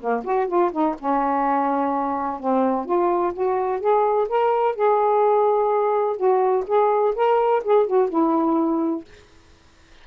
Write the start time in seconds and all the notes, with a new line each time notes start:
0.00 A#3
0.24 F#4
0.47 F4
0.71 D#4
0.99 C#4
2.39 C4
2.85 F4
3.33 F#4
3.80 G#4
4.28 A#4
4.75 G#4
6.16 F#4
6.67 G#4
7.15 A#4
7.64 G#4
7.87 F#4
8.09 E4